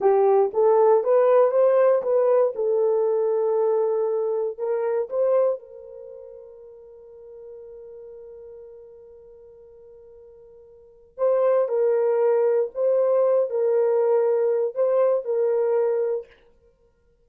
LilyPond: \new Staff \with { instrumentName = "horn" } { \time 4/4 \tempo 4 = 118 g'4 a'4 b'4 c''4 | b'4 a'2.~ | a'4 ais'4 c''4 ais'4~ | ais'1~ |
ais'1~ | ais'2 c''4 ais'4~ | ais'4 c''4. ais'4.~ | ais'4 c''4 ais'2 | }